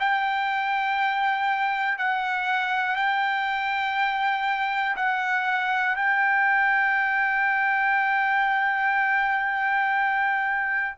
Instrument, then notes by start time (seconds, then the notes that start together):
trumpet
0.00 G5
1.98 F#5
2.96 G5
4.96 F#5
5.96 G5